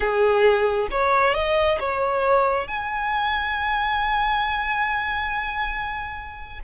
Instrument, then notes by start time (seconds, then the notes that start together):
violin
0.00 G#4
0.90 C#5
1.34 D#5
1.79 C#5
2.67 G#5